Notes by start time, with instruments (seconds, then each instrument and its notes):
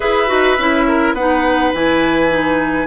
0.00 bassoon E4, clarinet G#4, oboe B4, flute E5
0.27 bassoon D#4, clarinet F#4
0.58 bassoon C#4, clarinet E4
0.87 oboe A#4
1.13 bassoon B3, clarinet D#4, oboe B4, flute F#5
1.74 bassoon E3, clarinet E4, flute G#5
2.29 clarinet D#4